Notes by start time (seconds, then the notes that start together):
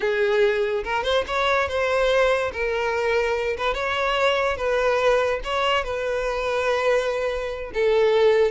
0.00 G#4
0.84 A#4
1.03 C5
1.27 C#5
1.68 C5
2.52 A#4
3.57 B4
3.73 C#5
4.56 B4
5.43 C#5
5.84 B4
7.73 A4